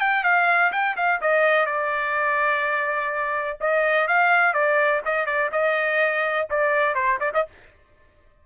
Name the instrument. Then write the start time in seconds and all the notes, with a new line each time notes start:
trumpet
0.00 G5
0.23 F5
0.72 G5
0.96 F5
1.21 D#5
1.66 D5
3.60 D#5
4.08 F5
4.53 D5
5.05 D#5
5.26 D5
5.52 D#5
6.50 D5
6.95 C5
7.20 D5
7.34 D#5